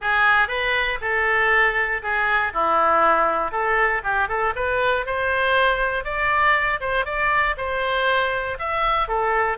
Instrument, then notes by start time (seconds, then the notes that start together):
oboe
0.01 G#4
0.48 B4
1.01 A4
2.02 G#4
2.53 E4
3.51 A4
4.03 G4
4.28 A4
4.55 B4
5.06 C5
6.04 D5
6.80 C5
7.05 D5
7.57 C5
8.58 E5
9.08 A4